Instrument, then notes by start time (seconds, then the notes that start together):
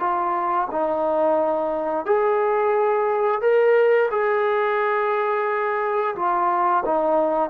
trombone
0.00 F4
0.72 D#4
2.06 G#4
3.42 A#4
4.11 G#4
6.16 F4
6.86 D#4